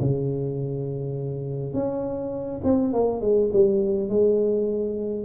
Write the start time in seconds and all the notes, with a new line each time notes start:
0.00 C#3
1.74 C#4
2.64 C4
2.93 A#3
3.21 G#3
3.53 G3
4.09 G#3